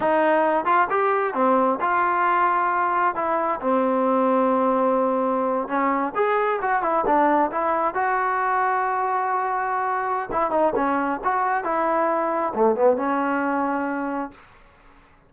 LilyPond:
\new Staff \with { instrumentName = "trombone" } { \time 4/4 \tempo 4 = 134 dis'4. f'8 g'4 c'4 | f'2. e'4 | c'1~ | c'8. cis'4 gis'4 fis'8 e'8 d'16~ |
d'8. e'4 fis'2~ fis'16~ | fis'2. e'8 dis'8 | cis'4 fis'4 e'2 | a8 b8 cis'2. | }